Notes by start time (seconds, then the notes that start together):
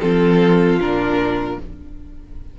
0.00 F3 C4 F4 A4
0.78 A#2 D4 A#4